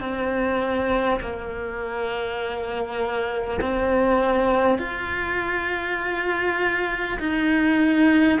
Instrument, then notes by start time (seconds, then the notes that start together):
cello
0.00 C4
1.20 A#3
3.60 C4
4.78 F4
7.19 D#4